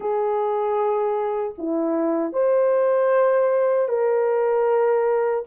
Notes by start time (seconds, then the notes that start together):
0.00 G#4
1.58 E4
2.32 C5
3.88 A#4